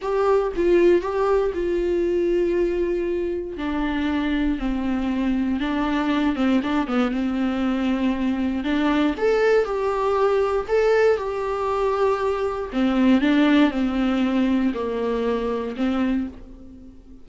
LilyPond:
\new Staff \with { instrumentName = "viola" } { \time 4/4 \tempo 4 = 118 g'4 f'4 g'4 f'4~ | f'2. d'4~ | d'4 c'2 d'4~ | d'8 c'8 d'8 b8 c'2~ |
c'4 d'4 a'4 g'4~ | g'4 a'4 g'2~ | g'4 c'4 d'4 c'4~ | c'4 ais2 c'4 | }